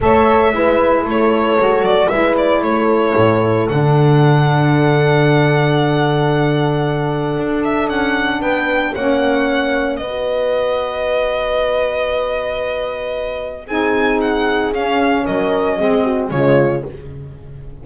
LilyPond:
<<
  \new Staff \with { instrumentName = "violin" } { \time 4/4 \tempo 4 = 114 e''2 cis''4. d''8 | e''8 d''8 cis''2 fis''4~ | fis''1~ | fis''2~ fis''8 e''8 fis''4 |
g''4 fis''2 dis''4~ | dis''1~ | dis''2 gis''4 fis''4 | f''4 dis''2 cis''4 | }
  \new Staff \with { instrumentName = "horn" } { \time 4/4 cis''4 b'4 a'2 | b'4 a'2.~ | a'1~ | a'1 |
b'4 cis''2 b'4~ | b'1~ | b'2 gis'2~ | gis'4 ais'4 gis'8 fis'8 f'4 | }
  \new Staff \with { instrumentName = "saxophone" } { \time 4/4 a'4 e'2 fis'4 | e'2. d'4~ | d'1~ | d'1~ |
d'4 cis'2 fis'4~ | fis'1~ | fis'2 dis'2 | cis'2 c'4 gis4 | }
  \new Staff \with { instrumentName = "double bass" } { \time 4/4 a4 gis4 a4 gis8 fis8 | gis4 a4 a,4 d4~ | d1~ | d2 d'4 cis'4 |
b4 ais2 b4~ | b1~ | b2 c'2 | cis'4 fis4 gis4 cis4 | }
>>